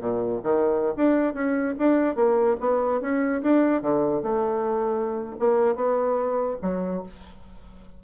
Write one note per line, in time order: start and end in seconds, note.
0.00 0.41 A#2
0.43 0.95 D#3
0.97 1.34 D4
1.34 1.75 C#4
1.79 2.16 D4
2.16 2.57 A#3
2.60 3.01 B3
3.01 3.42 C#4
3.42 3.82 D4
3.82 4.23 D3
4.23 5.36 A3
5.39 5.75 A#3
5.75 6.58 B3
6.62 7.03 F#3